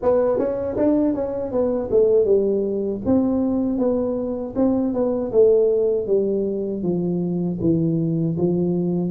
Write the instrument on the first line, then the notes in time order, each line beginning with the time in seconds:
tuba
0.02 B3
0.38 C#4
0.77 D4
1.14 C#4
1.51 B3
1.91 A3
2.24 G3
3.06 C4
3.78 B3
4.55 C4
4.93 B3
5.32 A3
6.06 G3
6.83 F3
7.61 E3
8.37 F3